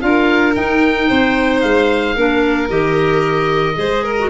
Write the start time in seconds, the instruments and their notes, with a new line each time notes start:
0.00 tuba D4, clarinet F4, violin A#4, oboe F5
0.54 clarinet D#4, tuba D#4, oboe G5
1.08 tuba C4, violin C5
1.61 tuba G#3, oboe F5
2.16 tuba A#3, clarinet D4, violin A#4
2.68 tuba D#3, clarinet G4, oboe D#5
3.74 tuba G#3, clarinet G#4, violin C5
4.03 violin A#4
4.19 clarinet F#4